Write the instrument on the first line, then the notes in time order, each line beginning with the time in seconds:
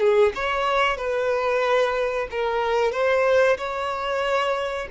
violin
0.00 G#4
0.35 C#5
0.97 B4
2.31 A#4
2.92 C5
3.58 C#5